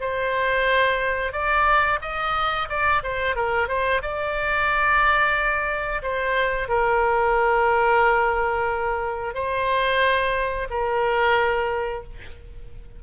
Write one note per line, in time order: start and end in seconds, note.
0.00 1.32 C5
1.32 1.99 D5
2.02 2.68 D#5
2.69 3.02 D5
3.03 3.35 C5
3.35 3.68 A#4
3.68 4.01 C5
4.02 6.02 D5
6.02 6.68 C5
6.68 9.34 A#4
9.34 10.68 C5
10.70 12.03 A#4